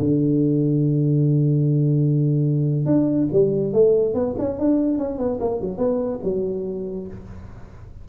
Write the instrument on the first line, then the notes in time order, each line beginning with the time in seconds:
tuba
0.00 D3
2.86 D4
3.32 G3
3.73 A3
4.14 B3
4.39 C#4
4.59 D4
4.98 C#4
5.18 B3
5.40 A#3
5.61 F#3
5.78 B3
6.24 F#3